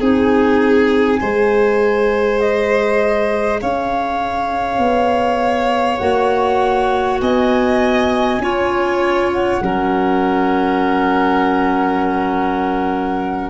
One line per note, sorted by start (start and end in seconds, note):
0.00 1.21 C4
0.00 1.20 D#4
0.00 1.20 G#4
0.00 2.40 G#5
1.20 3.62 G#3
1.20 6.00 G#4
1.20 3.61 C5
2.40 3.60 D#5
3.61 4.79 C#4
3.61 7.21 C#5
3.61 5.98 F5
4.79 5.99 B3
5.98 7.21 A#3
5.98 8.40 F#4
5.98 7.18 F#5
7.21 8.38 B3
7.21 8.42 D#5
7.21 9.31 G#5
8.38 9.58 C#4
8.38 9.62 F4
8.38 9.63 C#5
9.33 13.50 F#5
9.62 13.50 F#3
9.62 13.50 C#4
9.62 13.50 A#4